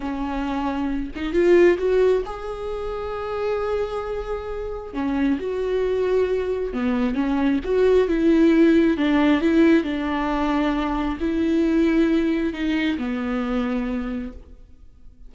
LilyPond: \new Staff \with { instrumentName = "viola" } { \time 4/4 \tempo 4 = 134 cis'2~ cis'8 dis'8 f'4 | fis'4 gis'2.~ | gis'2. cis'4 | fis'2. b4 |
cis'4 fis'4 e'2 | d'4 e'4 d'2~ | d'4 e'2. | dis'4 b2. | }